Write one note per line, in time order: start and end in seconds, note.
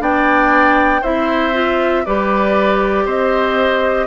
0.00 1.02 B3
0.00 1.02 D4
0.00 1.01 D5
0.00 1.04 G5
1.01 2.04 C4
1.01 1.54 E4
1.01 2.03 C5
1.01 2.06 E5
1.54 2.04 F4
2.06 3.06 G3
2.06 4.07 G4
2.06 3.06 B4
2.06 3.07 D5
3.06 4.07 C4
3.06 4.07 C5
3.06 4.07 D#5